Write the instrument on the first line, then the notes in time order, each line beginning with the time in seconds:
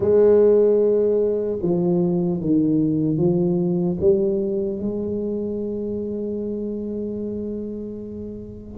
tuba
0.00 G#3
1.62 F3
2.40 D#3
3.17 F3
4.00 G3
4.79 G#3